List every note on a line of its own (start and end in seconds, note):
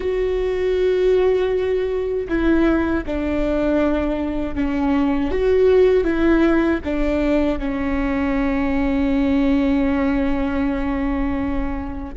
0.00 2.27 F#4
2.28 3.04 E4
3.06 4.55 D4
4.55 5.31 C#4
5.31 6.04 F#4
6.04 6.80 E4
6.84 7.58 D4
7.58 12.14 C#4